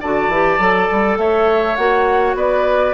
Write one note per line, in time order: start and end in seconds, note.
0.00 0.28 D3
0.00 0.32 F#4
0.00 1.18 D5
0.00 1.19 A5
0.28 0.57 E3
0.28 0.60 G4
0.59 0.88 F#3
0.59 1.78 A4
0.91 1.17 G3
1.17 1.76 A3
1.17 2.36 C#5
1.17 1.76 E5
1.76 2.35 A#3
1.76 2.94 F#4
1.76 2.35 F#5
2.35 2.93 B3
2.35 2.94 B4
2.35 2.94 D5